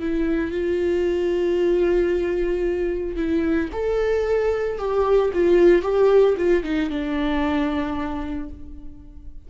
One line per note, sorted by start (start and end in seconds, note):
0.00 0.51 E4
0.51 3.16 F4
3.16 3.70 E4
3.73 4.79 A4
4.79 5.32 G4
5.34 5.83 F4
5.83 6.36 G4
6.38 6.64 F4
6.64 6.90 D#4
6.90 8.50 D4